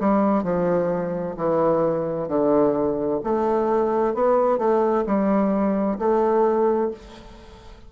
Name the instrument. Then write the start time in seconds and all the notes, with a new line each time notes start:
bassoon
0.00 G3
0.44 F3
1.37 E3
2.28 D3
3.24 A3
4.15 B3
4.58 A3
5.06 G3
5.99 A3